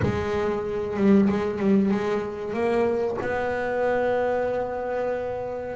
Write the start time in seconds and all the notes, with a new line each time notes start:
0.02 G#3
0.97 G3
1.29 G#3
1.59 G3
1.91 G#3
2.53 A#3
3.21 B3